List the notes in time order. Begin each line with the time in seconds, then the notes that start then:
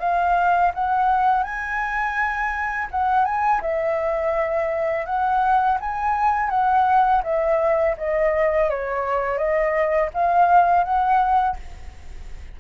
0.00 F5
0.74 F#5
1.44 G#5
2.91 F#5
3.25 G#5
3.62 E5
5.06 F#5
5.81 G#5
6.50 F#5
7.24 E5
7.97 D#5
8.70 C#5
9.38 D#5
10.14 F5
10.84 F#5